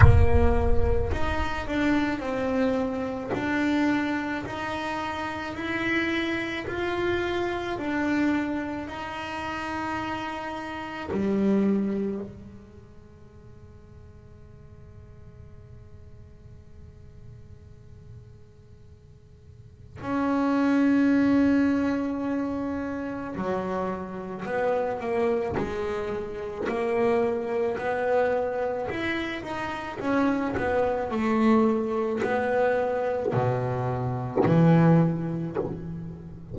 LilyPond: \new Staff \with { instrumentName = "double bass" } { \time 4/4 \tempo 4 = 54 ais4 dis'8 d'8 c'4 d'4 | dis'4 e'4 f'4 d'4 | dis'2 g4 gis4~ | gis1~ |
gis2 cis'2~ | cis'4 fis4 b8 ais8 gis4 | ais4 b4 e'8 dis'8 cis'8 b8 | a4 b4 b,4 e4 | }